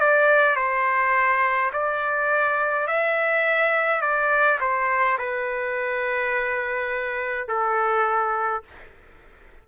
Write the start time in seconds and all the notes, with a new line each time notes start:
0.00 D5
0.56 C5
1.73 D5
2.87 E5
4.01 D5
4.60 C5
5.19 B4
7.48 A4